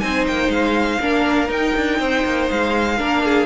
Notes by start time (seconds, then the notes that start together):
0.00 C4 D#4 C5 G#5
0.27 A#3 G5
0.48 G#3 F5
1.01 A#3 D4 A#4
1.48 D#4 G5
1.76 D4
1.99 C4 C5
2.25 A#3
2.50 G#3 F5
2.97 A#3 D4 A#4
3.24 G#4